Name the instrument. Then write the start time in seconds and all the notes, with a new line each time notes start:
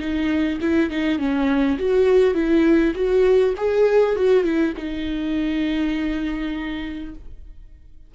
viola
0.00 D#4
0.62 E4
0.91 D#4
1.19 C#4
1.79 F#4
2.35 E4
2.95 F#4
3.58 G#4
4.16 F#4
4.44 E4
4.78 D#4